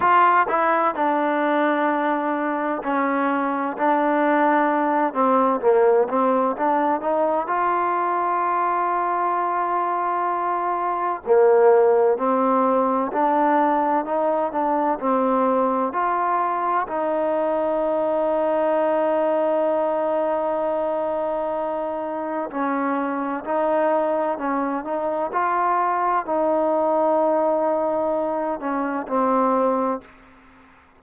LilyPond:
\new Staff \with { instrumentName = "trombone" } { \time 4/4 \tempo 4 = 64 f'8 e'8 d'2 cis'4 | d'4. c'8 ais8 c'8 d'8 dis'8 | f'1 | ais4 c'4 d'4 dis'8 d'8 |
c'4 f'4 dis'2~ | dis'1 | cis'4 dis'4 cis'8 dis'8 f'4 | dis'2~ dis'8 cis'8 c'4 | }